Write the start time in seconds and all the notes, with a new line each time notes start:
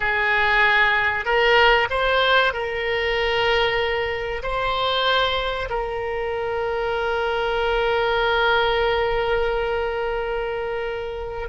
0.00 G#4
1.25 A#4
1.90 C5
2.53 A#4
4.42 C5
5.69 A#4